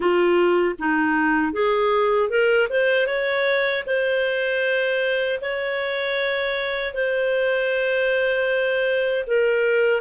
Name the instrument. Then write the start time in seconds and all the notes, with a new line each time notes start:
clarinet
0.00 F4
0.78 D#4
1.52 G#4
2.29 A#4
2.69 C5
3.07 C#5
3.86 C5
5.41 C#5
6.94 C5
9.26 A#4